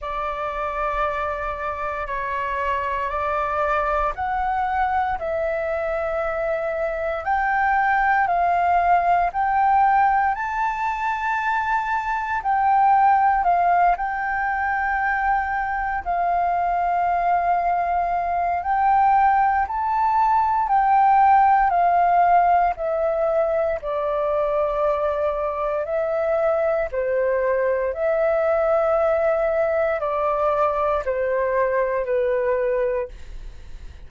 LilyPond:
\new Staff \with { instrumentName = "flute" } { \time 4/4 \tempo 4 = 58 d''2 cis''4 d''4 | fis''4 e''2 g''4 | f''4 g''4 a''2 | g''4 f''8 g''2 f''8~ |
f''2 g''4 a''4 | g''4 f''4 e''4 d''4~ | d''4 e''4 c''4 e''4~ | e''4 d''4 c''4 b'4 | }